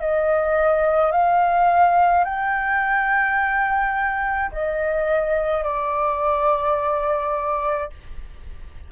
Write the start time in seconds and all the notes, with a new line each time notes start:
0.00 D#5
1.12 F5
2.24 G5
4.51 D#5
5.63 D5